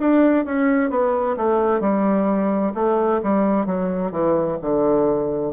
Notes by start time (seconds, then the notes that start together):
0.00 D4
0.45 C#4
0.90 B3
1.37 A3
1.80 G3
2.75 A3
3.23 G3
3.66 F#3
4.12 E3
4.62 D3